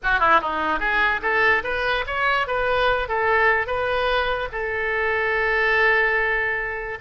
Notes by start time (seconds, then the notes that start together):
0.03 F#4
0.19 E4
0.41 D#4
0.79 G#4
1.21 A4
1.63 B4
2.06 C#5
2.47 B4
3.08 A4
3.66 B4
4.51 A4